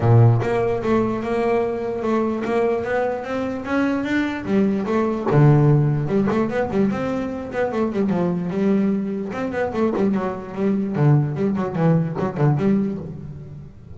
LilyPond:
\new Staff \with { instrumentName = "double bass" } { \time 4/4 \tempo 4 = 148 ais,4 ais4 a4 ais4~ | ais4 a4 ais4 b4 | c'4 cis'4 d'4 g4 | a4 d2 g8 a8 |
b8 g8 c'4. b8 a8 g8 | f4 g2 c'8 b8 | a8 g8 fis4 g4 d4 | g8 fis8 e4 fis8 d8 g4 | }